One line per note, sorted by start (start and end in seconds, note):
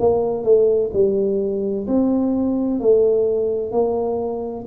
0.00 0.44 A#3
0.44 0.91 A3
0.94 1.87 G3
1.88 2.80 C4
2.80 3.72 A3
3.72 4.66 A#3